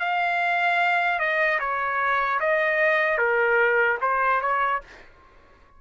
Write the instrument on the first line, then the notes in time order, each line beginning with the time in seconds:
trumpet
0.00 F5
1.20 D#5
1.60 C#5
2.40 D#5
3.19 A#4
4.01 C5
4.41 C#5